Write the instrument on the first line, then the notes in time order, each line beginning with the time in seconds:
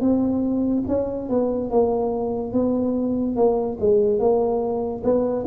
tuba
0.00 C4
0.87 C#4
1.29 B3
1.70 A#3
2.53 B3
3.36 A#3
3.80 G#3
4.19 A#3
5.03 B3